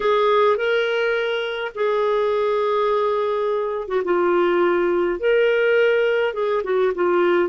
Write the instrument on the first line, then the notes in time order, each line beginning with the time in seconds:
clarinet
0.00 G#4
0.56 A#4
1.74 G#4
3.88 F#4
4.04 F4
5.19 A#4
6.33 G#4
6.63 F#4
6.94 F4